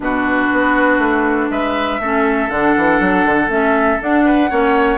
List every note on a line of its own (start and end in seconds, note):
0.00 0.47 B2
0.00 2.00 D4
0.00 1.51 F#4
0.00 1.51 B4
0.52 0.98 B3
0.98 1.48 A3
1.50 1.99 G#3
1.50 2.01 B4
1.50 2.50 E5
1.99 2.49 A3
1.99 2.49 C#4
1.99 4.25 A4
2.49 2.75 D3
2.49 3.48 D4
2.49 3.50 F#5
2.76 3.00 E3
3.00 3.25 F#3
3.25 3.48 D3
3.48 3.98 A3
3.48 3.98 C#4
3.48 4.00 E5
4.01 4.49 D4
4.01 4.51 D4
4.01 4.98 F#5
4.25 4.50 B4
4.49 4.98 A#3
4.49 4.98 C#4
4.49 4.98 C#5